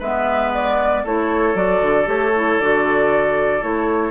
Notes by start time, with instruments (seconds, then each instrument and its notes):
0.00 bassoon G#3, clarinet B3, oboe B4, flute E5
0.54 flute D5
1.04 bassoon A3, clarinet E4, oboe A4, flute C#5
1.55 bassoon F#3, clarinet F#4, flute D5
1.82 bassoon D3
2.06 bassoon A3, clarinet G4, flute C#5
2.36 clarinet E4
2.59 bassoon D3, clarinet F#4, flute D5
3.61 bassoon A3, clarinet E4, flute C#5